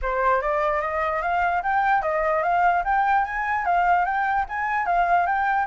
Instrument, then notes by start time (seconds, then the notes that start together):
flute
0.01 C5
0.41 D5
0.81 D#5
1.21 F5
1.62 G5
2.02 D#5
2.43 F5
2.84 G5
3.25 G#5
3.65 F5
4.05 G5
4.48 G#5
4.86 F5
5.26 G5